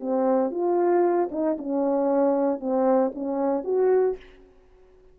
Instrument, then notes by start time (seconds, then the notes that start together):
horn
0.00 C4
0.51 F4
1.31 D#4
1.58 C#4
2.60 C4
3.14 C#4
3.64 F#4